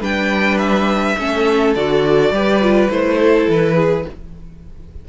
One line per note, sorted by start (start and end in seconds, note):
0.00 1.15 G3
0.00 1.16 D4
0.00 1.16 B4
0.00 0.58 G5
0.58 1.73 E5
1.18 1.75 A3
1.18 1.75 C#4
1.18 2.34 A4
1.75 2.30 D3
1.75 2.33 F#4
1.75 2.90 D5
2.30 2.88 G3
2.30 2.62 G4
2.30 3.18 B4
2.62 2.89 F4
2.89 3.47 A3
2.89 4.05 E4
2.89 3.49 C5
3.18 3.75 A4
3.47 4.05 E3
3.47 4.09 B4
3.75 4.04 G#4